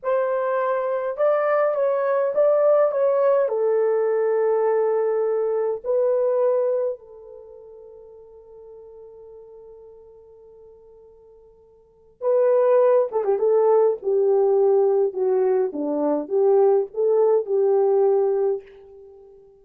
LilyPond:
\new Staff \with { instrumentName = "horn" } { \time 4/4 \tempo 4 = 103 c''2 d''4 cis''4 | d''4 cis''4 a'2~ | a'2 b'2 | a'1~ |
a'1~ | a'4 b'4. a'16 g'16 a'4 | g'2 fis'4 d'4 | g'4 a'4 g'2 | }